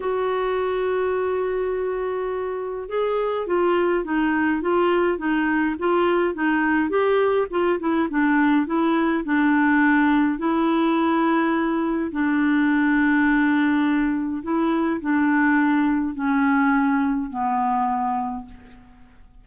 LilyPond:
\new Staff \with { instrumentName = "clarinet" } { \time 4/4 \tempo 4 = 104 fis'1~ | fis'4 gis'4 f'4 dis'4 | f'4 dis'4 f'4 dis'4 | g'4 f'8 e'8 d'4 e'4 |
d'2 e'2~ | e'4 d'2.~ | d'4 e'4 d'2 | cis'2 b2 | }